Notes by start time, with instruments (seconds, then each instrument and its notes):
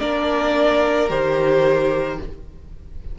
0.00 cello A#3, viola D4, violin A#4 D5
1.09 cello D#3, viola G4, violin C5